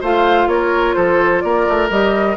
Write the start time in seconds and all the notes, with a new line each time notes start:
0.00 A3 F4 C5 F5
0.47 A#3 A#4 C#5
0.94 F3 A4 C5
1.41 A#3 A#4 D5
1.68 A3
1.90 G3 G4 D#5